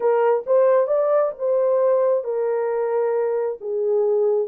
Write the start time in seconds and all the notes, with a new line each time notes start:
0.00 A#4
0.46 C5
0.87 D5
1.38 C5
2.24 A#4
3.60 G#4